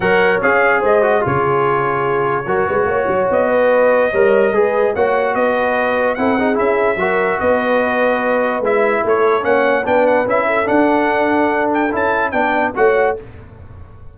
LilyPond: <<
  \new Staff \with { instrumentName = "trumpet" } { \time 4/4 \tempo 4 = 146 fis''4 f''4 dis''4 cis''4~ | cis''1 | dis''1 | fis''4 dis''2 fis''4 |
e''2 dis''2~ | dis''4 e''4 cis''4 fis''4 | g''8 fis''8 e''4 fis''2~ | fis''8 g''8 a''4 g''4 fis''4 | }
  \new Staff \with { instrumentName = "horn" } { \time 4/4 cis''2 c''4 gis'4~ | gis'2 ais'8 b'8 cis''4~ | cis''8 b'4. cis''4 b'4 | cis''4 b'2 a'8 gis'8~ |
gis'4 ais'4 b'2~ | b'2 a'4 cis''4 | b'4. a'2~ a'8~ | a'2 d''4 cis''4 | }
  \new Staff \with { instrumentName = "trombone" } { \time 4/4 ais'4 gis'4. fis'8 f'4~ | f'2 fis'2~ | fis'2 ais'4 gis'4 | fis'2. e'8 dis'8 |
e'4 fis'2.~ | fis'4 e'2 cis'4 | d'4 e'4 d'2~ | d'4 e'4 d'4 fis'4 | }
  \new Staff \with { instrumentName = "tuba" } { \time 4/4 fis4 cis'4 gis4 cis4~ | cis2 fis8 gis8 ais8 fis8 | b2 g4 gis4 | ais4 b2 c'4 |
cis'4 fis4 b2~ | b4 gis4 a4 ais4 | b4 cis'4 d'2~ | d'4 cis'4 b4 a4 | }
>>